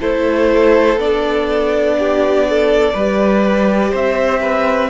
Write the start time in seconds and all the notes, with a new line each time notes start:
0.00 A3 E4 A4 C5
0.96 B3 D4 D5
1.99 G4
2.50 A4
2.94 G3 G4 B4
3.91 C4 C5 E5
4.41 B4